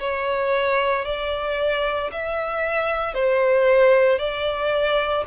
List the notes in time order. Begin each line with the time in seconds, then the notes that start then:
0.00 C#5
1.05 D5
2.12 E5
3.14 C5
4.19 D5